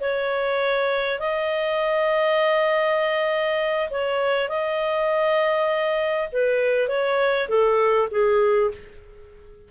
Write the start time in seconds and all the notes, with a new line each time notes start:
0.00 C#5
1.19 D#5
3.90 C#5
4.49 D#5
6.32 B4
6.88 C#5
7.49 A4
8.11 G#4